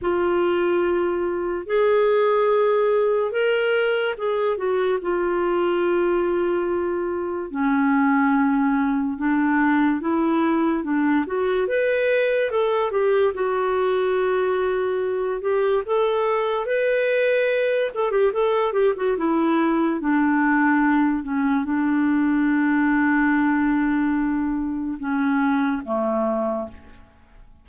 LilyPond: \new Staff \with { instrumentName = "clarinet" } { \time 4/4 \tempo 4 = 72 f'2 gis'2 | ais'4 gis'8 fis'8 f'2~ | f'4 cis'2 d'4 | e'4 d'8 fis'8 b'4 a'8 g'8 |
fis'2~ fis'8 g'8 a'4 | b'4. a'16 g'16 a'8 g'16 fis'16 e'4 | d'4. cis'8 d'2~ | d'2 cis'4 a4 | }